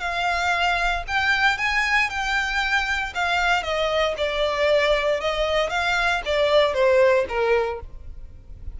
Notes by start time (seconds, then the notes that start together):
0.00 F5
1.07 G5
1.58 G#5
2.09 G5
3.14 F5
3.63 D#5
4.17 D5
5.20 D#5
5.70 F5
6.25 D5
6.73 C5
7.28 A#4